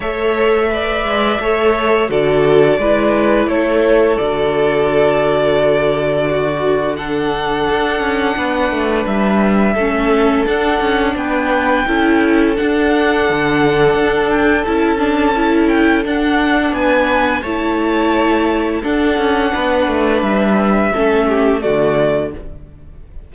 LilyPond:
<<
  \new Staff \with { instrumentName = "violin" } { \time 4/4 \tempo 4 = 86 e''2. d''4~ | d''4 cis''4 d''2~ | d''2 fis''2~ | fis''4 e''2 fis''4 |
g''2 fis''2~ | fis''8 g''8 a''4. g''8 fis''4 | gis''4 a''2 fis''4~ | fis''4 e''2 d''4 | }
  \new Staff \with { instrumentName = "violin" } { \time 4/4 cis''4 d''4 cis''4 a'4 | b'4 a'2.~ | a'4 fis'4 a'2 | b'2 a'2 |
b'4 a'2.~ | a'1 | b'4 cis''2 a'4 | b'2 a'8 g'8 fis'4 | }
  \new Staff \with { instrumentName = "viola" } { \time 4/4 a'4 b'4 a'4 fis'4 | e'2 fis'2~ | fis'2 d'2~ | d'2 cis'4 d'4~ |
d'4 e'4 d'2~ | d'4 e'8 d'8 e'4 d'4~ | d'4 e'2 d'4~ | d'2 cis'4 a4 | }
  \new Staff \with { instrumentName = "cello" } { \time 4/4 a4. gis8 a4 d4 | gis4 a4 d2~ | d2. d'8 cis'8 | b8 a8 g4 a4 d'8 cis'8 |
b4 cis'4 d'4 d4 | d'4 cis'2 d'4 | b4 a2 d'8 cis'8 | b8 a8 g4 a4 d4 | }
>>